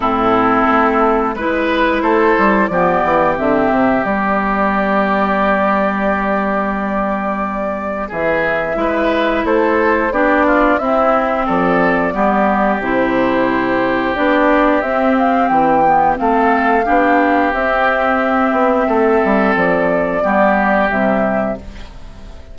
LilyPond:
<<
  \new Staff \with { instrumentName = "flute" } { \time 4/4 \tempo 4 = 89 a'2 b'4 c''4 | d''4 e''4 d''2~ | d''1 | e''2 c''4 d''4 |
e''4 d''2 c''4~ | c''4 d''4 e''8 f''8 g''4 | f''2 e''2~ | e''4 d''2 e''4 | }
  \new Staff \with { instrumentName = "oboe" } { \time 4/4 e'2 b'4 a'4 | g'1~ | g'1 | gis'4 b'4 a'4 g'8 f'8 |
e'4 a'4 g'2~ | g'1 | a'4 g'2. | a'2 g'2 | }
  \new Staff \with { instrumentName = "clarinet" } { \time 4/4 c'2 e'2 | b4 c'4 b2~ | b1~ | b4 e'2 d'4 |
c'2 b4 e'4~ | e'4 d'4 c'4. b8 | c'4 d'4 c'2~ | c'2 b4 g4 | }
  \new Staff \with { instrumentName = "bassoon" } { \time 4/4 a,4 a4 gis4 a8 g8 | f8 e8 d8 c8 g2~ | g1 | e4 gis4 a4 b4 |
c'4 f4 g4 c4~ | c4 b4 c'4 e4 | a4 b4 c'4. b8 | a8 g8 f4 g4 c4 | }
>>